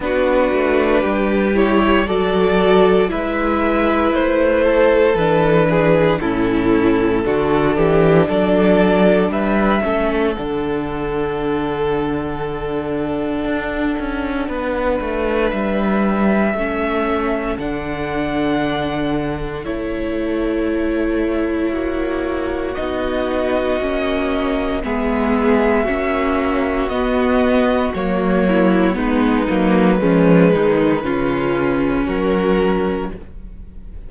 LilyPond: <<
  \new Staff \with { instrumentName = "violin" } { \time 4/4 \tempo 4 = 58 b'4. cis''8 d''4 e''4 | c''4 b'4 a'2 | d''4 e''4 fis''2~ | fis''2. e''4~ |
e''4 fis''2 cis''4~ | cis''2 dis''2 | e''2 dis''4 cis''4 | b'2. ais'4 | }
  \new Staff \with { instrumentName = "violin" } { \time 4/4 fis'4 g'4 a'4 b'4~ | b'8 a'4 gis'8 e'4 fis'8 g'8 | a'4 b'8 a'2~ a'8~ | a'2 b'2 |
a'1~ | a'4 fis'2. | gis'4 fis'2~ fis'8 e'8 | dis'4 cis'8 dis'8 f'4 fis'4 | }
  \new Staff \with { instrumentName = "viola" } { \time 4/4 d'4. e'8 fis'4 e'4~ | e'4 d'4 cis'4 d'4~ | d'4. cis'8 d'2~ | d'1 |
cis'4 d'2 e'4~ | e'2 dis'4 cis'4 | b4 cis'4 b4 ais4 | b8 ais8 gis4 cis'2 | }
  \new Staff \with { instrumentName = "cello" } { \time 4/4 b8 a8 g4 fis4 gis4 | a4 e4 a,4 d8 e8 | fis4 g8 a8 d2~ | d4 d'8 cis'8 b8 a8 g4 |
a4 d2 a4~ | a4 ais4 b4 ais4 | gis4 ais4 b4 fis4 | gis8 fis8 f8 dis8 cis4 fis4 | }
>>